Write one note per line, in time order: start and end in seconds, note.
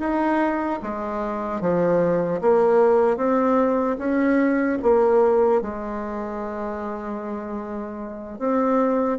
0.00 0.80 D#4
0.83 1.61 G#3
1.61 2.41 F3
2.41 3.17 A#3
3.17 3.97 C4
3.99 4.79 C#4
4.83 5.62 A#3
5.62 8.39 G#3
8.39 9.19 C4